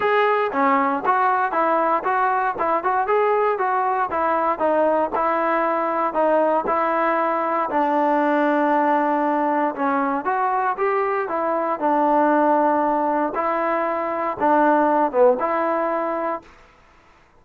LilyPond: \new Staff \with { instrumentName = "trombone" } { \time 4/4 \tempo 4 = 117 gis'4 cis'4 fis'4 e'4 | fis'4 e'8 fis'8 gis'4 fis'4 | e'4 dis'4 e'2 | dis'4 e'2 d'4~ |
d'2. cis'4 | fis'4 g'4 e'4 d'4~ | d'2 e'2 | d'4. b8 e'2 | }